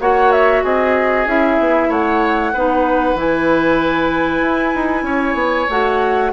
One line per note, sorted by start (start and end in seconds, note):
0.00 0.63 A#3
0.00 1.27 F#4
0.00 0.63 C#5
0.00 0.32 F#5
0.32 0.64 E5
0.63 1.26 C4
0.63 1.89 G#4
0.63 1.27 D#5
1.26 1.58 C#4
1.26 2.53 E4
1.26 1.91 E5
1.60 1.89 B3
1.89 2.52 A3
1.89 2.52 C#5
1.89 3.18 F#5
2.53 3.15 B3
2.53 3.16 D#4
2.53 5.05 B4
3.15 4.41 E3
3.15 5.69 E4
3.15 5.70 G#5
4.41 4.73 E4
4.75 5.03 D#4
5.03 5.34 C#4
5.03 6.31 C#5
5.34 5.66 B3
5.70 6.33 A3
5.70 6.33 F#4
5.70 6.33 F#5